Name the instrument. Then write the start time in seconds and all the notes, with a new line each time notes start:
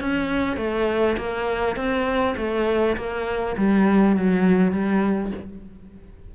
cello
0.00 C#4
0.57 A3
1.17 A#3
1.76 C4
2.37 A3
2.96 A#3
3.57 G3
4.16 F#3
4.72 G3